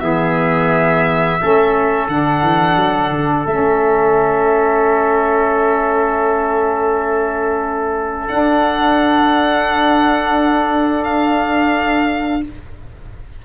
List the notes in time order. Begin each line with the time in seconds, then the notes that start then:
0.00 E3 B3 G#4 E5
1.40 A3 C#4 A4
2.08 D3 D4 F#5
2.42 E3
2.76 F#3
3.11 D3
3.46 A3 C#4 E5
8.28 D4 F#5
11.04 F5